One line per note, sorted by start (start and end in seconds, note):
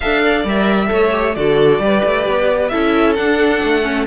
0.00 0.44 D4
0.00 0.45 A4
0.00 0.21 E5
0.00 0.45 F5
0.21 0.89 D5
0.44 0.89 G3
0.44 0.87 A#4
0.44 1.34 E5
0.87 1.36 A3
0.87 1.09 A4
0.87 1.36 C#5
1.11 1.33 G4
1.34 1.79 D3
1.34 1.81 F#4
1.34 1.82 A4
1.34 2.69 D5
1.79 2.01 G3
1.79 2.71 G4
1.79 2.71 B4
2.04 2.27 A3
2.27 2.72 B3
2.69 3.18 C#4
2.69 3.16 E4
2.69 4.06 A4
2.69 3.14 E5
3.15 3.82 D4
3.15 3.62 D4
3.15 4.05 F#5
3.62 4.06 A3
3.82 4.05 C#4